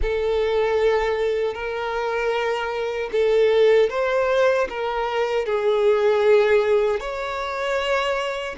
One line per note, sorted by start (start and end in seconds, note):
0.02 1.54 A4
1.54 3.10 A#4
3.12 3.89 A4
3.89 4.67 C5
4.69 5.45 A#4
5.45 7.00 G#4
7.00 8.55 C#5